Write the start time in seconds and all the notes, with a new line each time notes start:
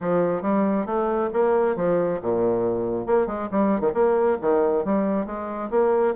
0.00 F3
0.42 G3
0.85 A3
1.33 A#3
1.76 F3
2.22 A#2
3.06 A#3
3.26 G#3
3.51 G3
3.80 D#3
3.94 A#3
4.41 D#3
4.84 G3
5.26 G#3
5.70 A#3